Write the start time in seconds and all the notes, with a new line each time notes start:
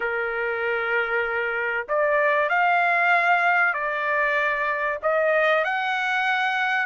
0.00 A#4
1.88 D5
2.49 F5
3.73 D5
5.02 D#5
5.64 F#5